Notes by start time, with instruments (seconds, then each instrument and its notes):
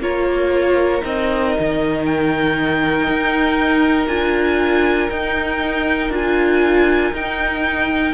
0.00 cello A#3, viola F4, violin A#4 C#5
1.01 cello C4, viola D#4, violin D#5
1.59 cello D#3
2.06 violin G5
3.07 cello D#4
4.07 cello D4, viola F4, violin G#5
5.10 cello D#4, viola D#4, violin G5
6.10 cello D4, viola F4, violin G#5
7.12 cello D#4, viola D#4, violin G5